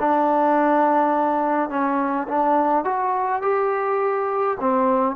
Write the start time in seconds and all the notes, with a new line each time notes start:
0.00 D4
1.70 C#4
2.28 D4
2.85 F#4
3.42 G4
4.60 C4